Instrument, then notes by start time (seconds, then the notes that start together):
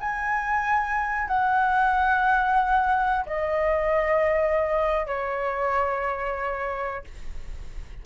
flute
0.00 G#5
1.27 F#5
3.26 D#5
5.06 C#5